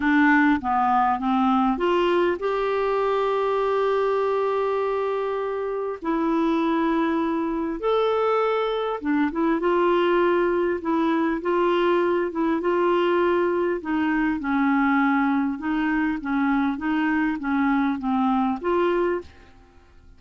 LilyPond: \new Staff \with { instrumentName = "clarinet" } { \time 4/4 \tempo 4 = 100 d'4 b4 c'4 f'4 | g'1~ | g'2 e'2~ | e'4 a'2 d'8 e'8 |
f'2 e'4 f'4~ | f'8 e'8 f'2 dis'4 | cis'2 dis'4 cis'4 | dis'4 cis'4 c'4 f'4 | }